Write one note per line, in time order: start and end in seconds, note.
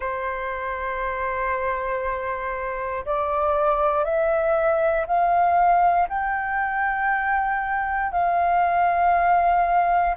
0.00 3.05 C5
3.05 4.04 D5
4.04 5.06 E5
5.06 6.08 F5
6.08 8.12 G5
8.12 10.15 F5